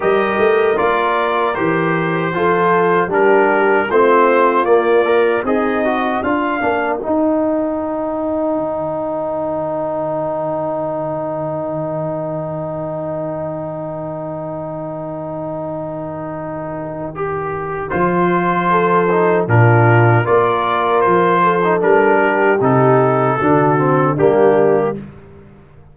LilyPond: <<
  \new Staff \with { instrumentName = "trumpet" } { \time 4/4 \tempo 4 = 77 dis''4 d''4 c''2 | ais'4 c''4 d''4 dis''4 | f''4 g''2.~ | g''1~ |
g''1~ | g''2. c''4~ | c''4 ais'4 d''4 c''4 | ais'4 a'2 g'4 | }
  \new Staff \with { instrumentName = "horn" } { \time 4/4 ais'2. a'4 | g'4 f'2 dis'4 | ais'1~ | ais'1~ |
ais'1~ | ais'1 | a'4 f'4 ais'4. a'8~ | a'8 g'4. fis'4 d'4 | }
  \new Staff \with { instrumentName = "trombone" } { \time 4/4 g'4 f'4 g'4 f'4 | d'4 c'4 ais8 ais'8 gis'8 fis'8 | f'8 d'8 dis'2.~ | dis'1~ |
dis'1~ | dis'2 g'4 f'4~ | f'8 dis'8 d'4 f'4.~ f'16 dis'16 | d'4 dis'4 d'8 c'8 ais4 | }
  \new Staff \with { instrumentName = "tuba" } { \time 4/4 g8 a8 ais4 e4 f4 | g4 a4 ais4 c'4 | d'8 ais8 dis'2 dis4~ | dis1~ |
dis1~ | dis2. f4~ | f4 ais,4 ais4 f4 | g4 c4 d4 g4 | }
>>